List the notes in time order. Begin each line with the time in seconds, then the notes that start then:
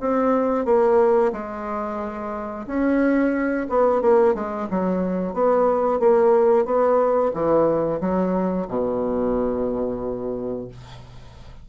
0.00 C4
0.65 A#3
1.33 G#3
2.67 C#4
3.70 B3
4.02 A#3
4.35 G#3
4.71 F#3
5.34 B3
6.00 A#3
6.65 B3
7.34 E3
8.01 F#3
8.68 B2